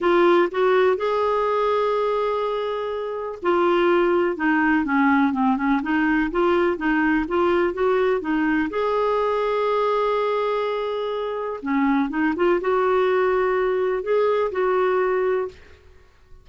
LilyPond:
\new Staff \with { instrumentName = "clarinet" } { \time 4/4 \tempo 4 = 124 f'4 fis'4 gis'2~ | gis'2. f'4~ | f'4 dis'4 cis'4 c'8 cis'8 | dis'4 f'4 dis'4 f'4 |
fis'4 dis'4 gis'2~ | gis'1 | cis'4 dis'8 f'8 fis'2~ | fis'4 gis'4 fis'2 | }